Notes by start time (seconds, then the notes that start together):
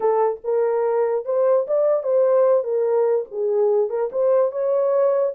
0.00 A4
0.44 A#4
1.25 C5
1.67 D5
2.03 C5
2.63 A#4
3.31 G#4
3.89 A#4
4.12 C5
4.51 C#5